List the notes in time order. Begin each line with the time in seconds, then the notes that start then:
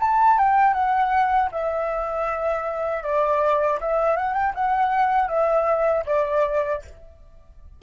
0.00 A5
0.38 G5
0.74 F#5
1.52 E5
3.03 D5
3.81 E5
4.17 F#5
4.34 G5
4.55 F#5
5.29 E5
6.06 D5